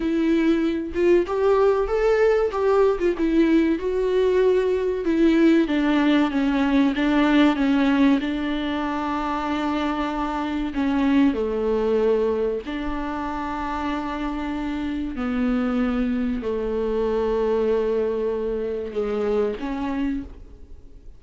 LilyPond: \new Staff \with { instrumentName = "viola" } { \time 4/4 \tempo 4 = 95 e'4. f'8 g'4 a'4 | g'8. f'16 e'4 fis'2 | e'4 d'4 cis'4 d'4 | cis'4 d'2.~ |
d'4 cis'4 a2 | d'1 | b2 a2~ | a2 gis4 cis'4 | }